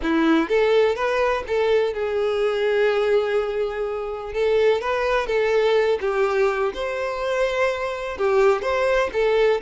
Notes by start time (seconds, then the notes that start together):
0.02 E4
0.48 A4
0.95 B4
1.47 A4
1.93 G#4
4.33 A4
4.81 B4
5.27 A4
6.00 G4
6.74 C5
8.17 G4
8.62 C5
9.12 A4